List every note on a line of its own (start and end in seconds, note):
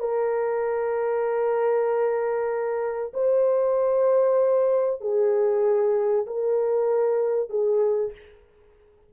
0.00 3.12 A#4
3.14 5.01 C5
5.01 6.26 G#4
6.27 7.50 A#4
7.50 8.12 G#4